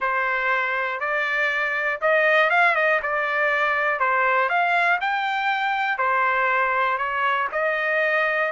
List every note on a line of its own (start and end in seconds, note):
0.00 1.00 C5
1.00 2.00 D5
2.01 2.50 D#5
2.50 2.75 F5
2.75 3.00 D#5
3.02 3.99 D5
3.99 4.49 C5
4.49 4.99 F5
5.00 5.98 G5
5.98 6.97 C5
6.97 7.47 C#5
7.51 8.51 D#5